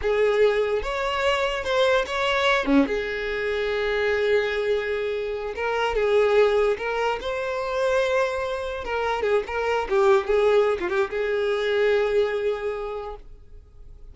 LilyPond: \new Staff \with { instrumentName = "violin" } { \time 4/4 \tempo 4 = 146 gis'2 cis''2 | c''4 cis''4. cis'8 gis'4~ | gis'1~ | gis'4. ais'4 gis'4.~ |
gis'8 ais'4 c''2~ c''8~ | c''4. ais'4 gis'8 ais'4 | g'4 gis'4~ gis'16 f'16 g'8 gis'4~ | gis'1 | }